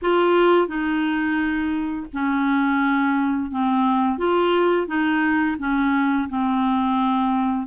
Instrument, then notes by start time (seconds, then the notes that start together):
clarinet
0.02 F4
0.67 D#4
2.13 C#4
3.51 C4
4.18 F4
4.87 D#4
5.58 C#4
6.29 C4